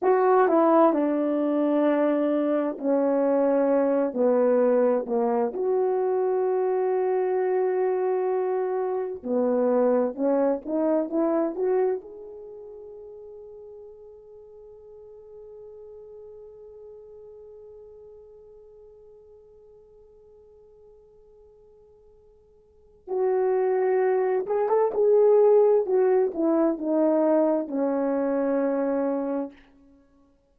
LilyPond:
\new Staff \with { instrumentName = "horn" } { \time 4/4 \tempo 4 = 65 fis'8 e'8 d'2 cis'4~ | cis'8 b4 ais8 fis'2~ | fis'2 b4 cis'8 dis'8 | e'8 fis'8 gis'2.~ |
gis'1~ | gis'1~ | gis'4 fis'4. gis'16 a'16 gis'4 | fis'8 e'8 dis'4 cis'2 | }